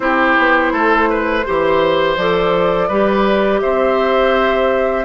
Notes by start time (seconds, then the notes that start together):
0.00 C4 E4 G4 C5
0.38 B3
0.72 A3 A4
1.09 B4
1.45 E3 G4 C5
2.16 F3 A4 D5
2.88 G3 G4 B4
3.60 C4 C5 E5